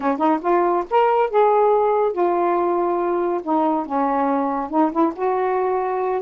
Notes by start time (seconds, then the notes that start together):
0.00 C#4
0.17 D#4
0.41 F4
0.90 A#4
1.30 G#4
2.12 F4
3.43 D#4
3.86 C#4
4.70 D#4
4.91 E4
5.15 F#4